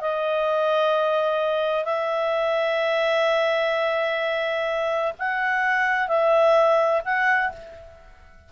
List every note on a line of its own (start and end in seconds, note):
0.00 1.85 D#5
1.85 5.13 E5
5.19 6.08 F#5
6.08 7.02 E5
7.05 7.51 F#5